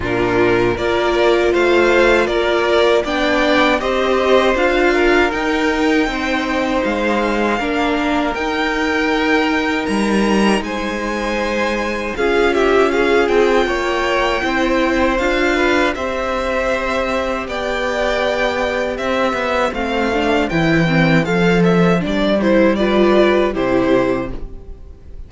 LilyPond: <<
  \new Staff \with { instrumentName = "violin" } { \time 4/4 \tempo 4 = 79 ais'4 d''4 f''4 d''4 | g''4 dis''4 f''4 g''4~ | g''4 f''2 g''4~ | g''4 ais''4 gis''2 |
f''8 e''8 f''8 g''2~ g''8 | f''4 e''2 g''4~ | g''4 e''4 f''4 g''4 | f''8 e''8 d''8 c''8 d''4 c''4 | }
  \new Staff \with { instrumentName = "violin" } { \time 4/4 f'4 ais'4 c''4 ais'4 | d''4 c''4. ais'4. | c''2 ais'2~ | ais'2 c''2 |
gis'8 g'8 gis'4 cis''4 c''4~ | c''8 b'8 c''2 d''4~ | d''4 c''2.~ | c''2 b'4 g'4 | }
  \new Staff \with { instrumentName = "viola" } { \time 4/4 d'4 f'2. | d'4 g'4 f'4 dis'4~ | dis'2 d'4 dis'4~ | dis'1 |
f'2. e'4 | f'4 g'2.~ | g'2 c'8 d'8 e'8 c'8 | a'4 d'8 e'8 f'4 e'4 | }
  \new Staff \with { instrumentName = "cello" } { \time 4/4 ais,4 ais4 a4 ais4 | b4 c'4 d'4 dis'4 | c'4 gis4 ais4 dis'4~ | dis'4 g4 gis2 |
cis'4. c'8 ais4 c'4 | d'4 c'2 b4~ | b4 c'8 b8 a4 e4 | f4 g2 c4 | }
>>